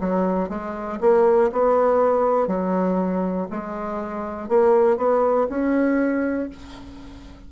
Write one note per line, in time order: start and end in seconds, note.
0.00 0.49 F#3
0.49 0.99 G#3
1.00 1.50 A#3
1.52 2.47 B3
2.47 3.47 F#3
3.50 4.49 G#3
4.49 4.97 A#3
4.97 5.47 B3
5.49 6.49 C#4